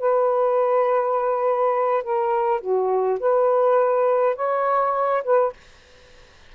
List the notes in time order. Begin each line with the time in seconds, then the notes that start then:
0.00 B4
2.04 A#4
2.61 F#4
3.20 B4
4.36 C#5
5.24 B4